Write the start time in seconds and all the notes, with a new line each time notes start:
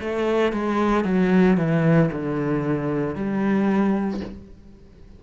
0.00 A3
0.53 G#3
1.05 F#3
1.57 E3
2.12 D3
3.15 G3